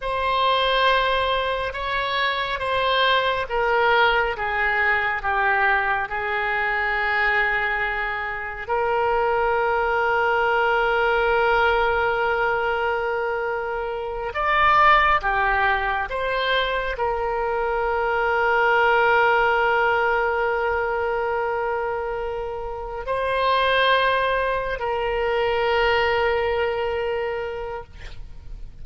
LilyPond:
\new Staff \with { instrumentName = "oboe" } { \time 4/4 \tempo 4 = 69 c''2 cis''4 c''4 | ais'4 gis'4 g'4 gis'4~ | gis'2 ais'2~ | ais'1~ |
ais'8 d''4 g'4 c''4 ais'8~ | ais'1~ | ais'2~ ais'8 c''4.~ | c''8 ais'2.~ ais'8 | }